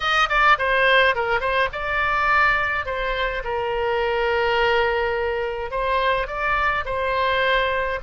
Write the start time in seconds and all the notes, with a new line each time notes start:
0.00 D#5
0.29 D5
0.58 C5
1.15 A#4
1.40 C5
1.72 D5
2.85 C5
3.43 A#4
5.71 C5
6.27 D5
6.85 C5